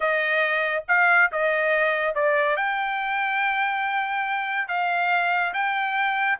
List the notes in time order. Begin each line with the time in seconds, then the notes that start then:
0.00 D#5
0.88 F5
1.32 D#5
2.14 D5
2.56 G5
4.68 F5
5.53 G5